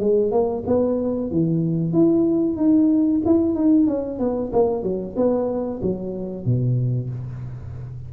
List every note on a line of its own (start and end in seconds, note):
0.00 0.31 G#3
0.31 0.64 A#3
0.67 1.31 B3
1.31 1.93 E3
1.93 2.57 E4
2.57 3.21 D#4
3.26 3.55 E4
3.55 3.87 D#4
3.87 4.19 C#4
4.19 4.52 B3
4.52 4.83 A#3
4.83 5.15 F#3
5.16 5.81 B3
5.82 6.45 F#3
6.45 7.10 B2